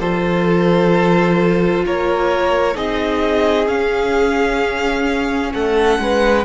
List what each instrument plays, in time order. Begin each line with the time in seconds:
0.00 cello F3, viola F4, violin A4 C5
1.86 cello A#3, violin A#4 C#5
2.74 cello C4, viola D#4, violin G#4 D#5
3.67 viola C#4, cello C#4, violin F5
5.54 cello A3, violin A4 F#5
5.99 cello G#3, violin B4